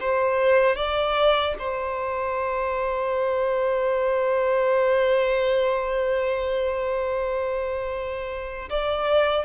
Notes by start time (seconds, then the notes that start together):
0.00 C5
0.76 D5
1.59 C5
8.69 D5